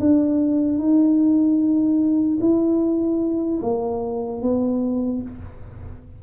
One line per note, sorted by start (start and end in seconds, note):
0.00 0.79 D4
0.79 2.39 D#4
2.41 3.61 E4
3.62 4.42 A#3
4.42 5.22 B3